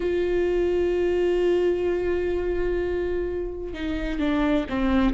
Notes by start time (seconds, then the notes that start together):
0.00 F4
3.73 D#4
4.19 D4
4.69 C4